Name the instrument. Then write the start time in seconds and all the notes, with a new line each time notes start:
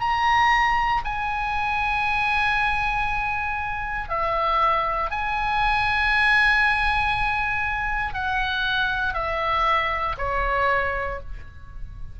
oboe
0.00 A#5
1.04 G#5
4.09 E5
5.11 G#5
8.14 F#5
9.14 E5
10.18 C#5